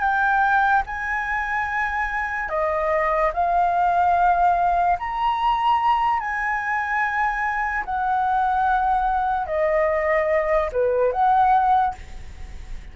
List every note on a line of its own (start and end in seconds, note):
0.00 0.82 G5
0.86 2.49 G#5
2.49 3.31 D#5
3.33 4.98 F5
4.98 6.19 A#5
6.19 7.84 G#5
7.85 9.46 F#5
9.46 10.70 D#5
10.72 11.12 B4
11.12 11.94 F#5